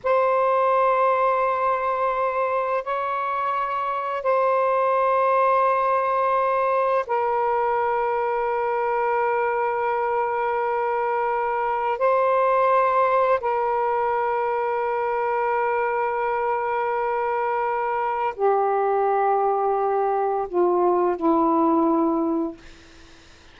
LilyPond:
\new Staff \with { instrumentName = "saxophone" } { \time 4/4 \tempo 4 = 85 c''1 | cis''2 c''2~ | c''2 ais'2~ | ais'1~ |
ais'4 c''2 ais'4~ | ais'1~ | ais'2 g'2~ | g'4 f'4 e'2 | }